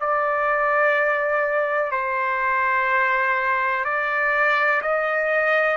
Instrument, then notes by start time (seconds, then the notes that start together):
trumpet
0.00 D5
1.91 C5
3.85 D5
4.82 D#5